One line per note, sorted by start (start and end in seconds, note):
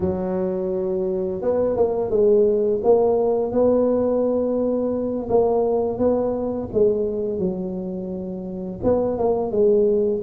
0.00 1.41 F#3
1.41 1.76 B3
1.76 2.10 A#3
2.10 2.81 G#3
2.83 3.52 A#3
3.52 5.28 B3
5.29 5.98 A#3
5.98 6.69 B3
6.73 7.39 G#3
7.39 8.80 F#3
8.83 9.18 B3
9.18 9.51 A#3
9.51 10.21 G#3